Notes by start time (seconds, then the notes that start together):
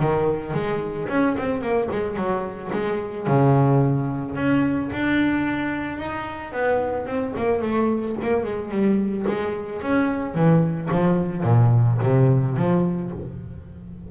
0.00 D#3
0.54 G#3
1.09 C#4
1.38 C4
1.62 A#3
1.91 G#3
2.16 F#3
2.73 G#3
3.27 C#3
4.36 C#4
4.92 D4
5.98 D#4
6.53 B3
7.06 C4
7.37 A#3
7.62 A3
8.22 A#3
8.44 G#3
8.71 G3
9.28 G#3
9.82 C#4
10.35 E3
10.92 F3
11.44 A#2
12.03 C3
12.57 F3